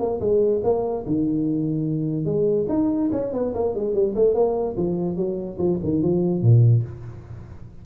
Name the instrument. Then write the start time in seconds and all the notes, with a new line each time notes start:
tuba
0.00 A#3
0.21 G#3
0.64 A#3
1.07 D#3
2.26 G#3
2.69 D#4
3.12 C#4
3.33 B3
3.55 A#3
3.75 G#3
3.94 G3
4.16 A3
4.35 A#3
4.77 F3
5.17 F#3
5.59 F3
5.84 D#3
6.03 F3
6.42 A#2